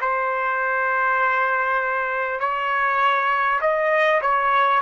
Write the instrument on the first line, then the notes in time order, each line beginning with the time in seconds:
trumpet
0.00 C5
2.39 C#5
3.61 D#5
4.21 C#5